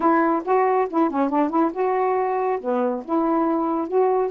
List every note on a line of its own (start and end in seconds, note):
0.00 0.42 E4
0.44 0.88 F#4
0.89 1.09 E4
1.09 1.29 C#4
1.29 1.49 D4
1.49 1.71 E4
1.72 2.59 F#4
2.60 3.03 B3
3.04 3.88 E4
3.88 4.31 F#4